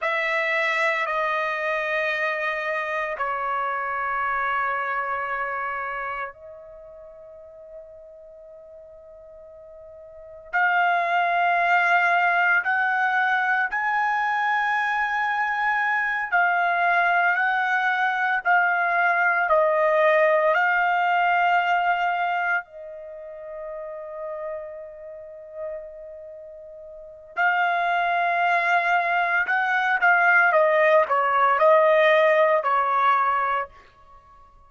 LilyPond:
\new Staff \with { instrumentName = "trumpet" } { \time 4/4 \tempo 4 = 57 e''4 dis''2 cis''4~ | cis''2 dis''2~ | dis''2 f''2 | fis''4 gis''2~ gis''8 f''8~ |
f''8 fis''4 f''4 dis''4 f''8~ | f''4. dis''2~ dis''8~ | dis''2 f''2 | fis''8 f''8 dis''8 cis''8 dis''4 cis''4 | }